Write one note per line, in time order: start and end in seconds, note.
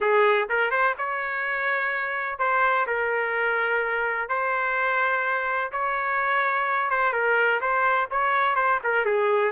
0.00 0.48 G#4
0.49 0.70 A#4
0.70 0.94 C5
0.98 2.38 C#5
2.38 2.86 C5
2.86 4.28 A#4
4.28 5.71 C5
5.72 6.90 C#5
6.90 7.13 C5
7.13 7.60 A#4
7.60 8.08 C5
8.10 8.55 C#5
8.55 8.79 C5
8.83 9.05 A#4
9.05 9.51 G#4